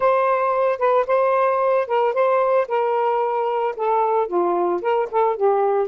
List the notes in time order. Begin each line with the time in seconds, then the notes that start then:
0.00 C5
0.78 B4
1.06 C5
1.87 A#4
2.13 C5
2.68 A#4
3.76 A4
4.27 F4
4.81 A#4
5.11 A4
5.36 G4